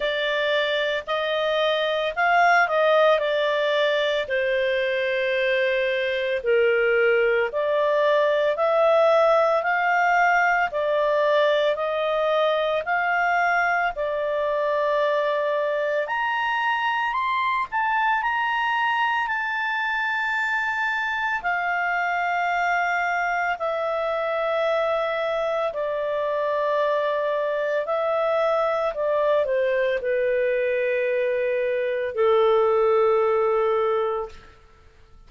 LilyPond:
\new Staff \with { instrumentName = "clarinet" } { \time 4/4 \tempo 4 = 56 d''4 dis''4 f''8 dis''8 d''4 | c''2 ais'4 d''4 | e''4 f''4 d''4 dis''4 | f''4 d''2 ais''4 |
c'''8 a''8 ais''4 a''2 | f''2 e''2 | d''2 e''4 d''8 c''8 | b'2 a'2 | }